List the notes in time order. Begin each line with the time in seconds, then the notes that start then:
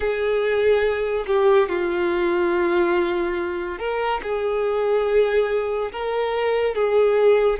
0.00 G#4
1.26 G4
1.69 F4
3.78 A#4
4.23 G#4
5.92 A#4
6.75 G#4